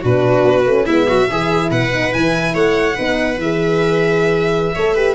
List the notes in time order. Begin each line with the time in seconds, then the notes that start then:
0.00 B2 D4 F#4 B4
0.44 B3
0.65 A3 C#4
0.85 G#3 B3 E4 E5
1.08 F#3 F#4
1.30 E3 E4 G#4
1.70 B2 B4 F#5
1.92 D#4
2.10 E3 E4 G#5
2.54 A3 C#5 F#5
2.94 B3 D#4 B4
3.38 E3 G#4 E5
4.75 A3 A4 C#5
4.94 G4 B4